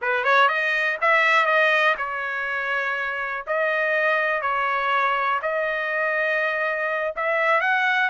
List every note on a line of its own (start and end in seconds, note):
0.01 0.23 B4
0.23 0.48 C#5
0.48 0.97 D#5
1.01 1.46 E5
1.46 1.95 D#5
1.97 3.45 C#5
3.46 4.42 D#5
4.42 5.40 C#5
5.42 7.14 D#5
7.16 7.61 E5
7.61 8.09 F#5